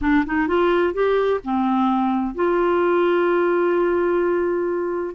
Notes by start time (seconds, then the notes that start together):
0.01 D4
0.26 D#4
0.47 F4
0.93 G4
1.44 C4
2.34 F4